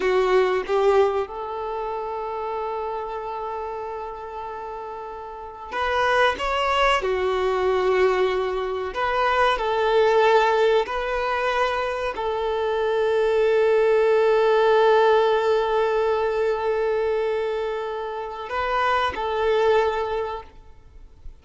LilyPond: \new Staff \with { instrumentName = "violin" } { \time 4/4 \tempo 4 = 94 fis'4 g'4 a'2~ | a'1~ | a'4 b'4 cis''4 fis'4~ | fis'2 b'4 a'4~ |
a'4 b'2 a'4~ | a'1~ | a'1~ | a'4 b'4 a'2 | }